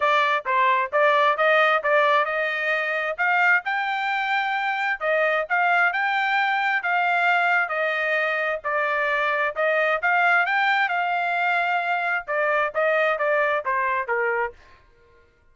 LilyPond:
\new Staff \with { instrumentName = "trumpet" } { \time 4/4 \tempo 4 = 132 d''4 c''4 d''4 dis''4 | d''4 dis''2 f''4 | g''2. dis''4 | f''4 g''2 f''4~ |
f''4 dis''2 d''4~ | d''4 dis''4 f''4 g''4 | f''2. d''4 | dis''4 d''4 c''4 ais'4 | }